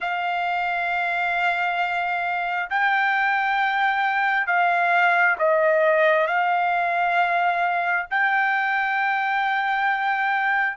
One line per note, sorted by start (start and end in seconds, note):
0.00 2.69 F5
2.69 4.46 G5
4.46 5.36 F5
5.38 6.27 D#5
6.27 8.06 F5
8.10 10.76 G5